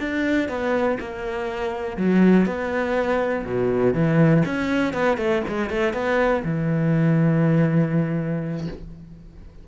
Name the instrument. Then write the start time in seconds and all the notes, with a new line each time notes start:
cello
0.00 D4
0.48 B3
1.00 A#3
1.97 F#3
2.46 B3
3.46 B2
3.94 E3
4.45 C#4
4.93 B3
5.18 A3
5.48 G#3
5.70 A3
5.93 B3
6.44 E3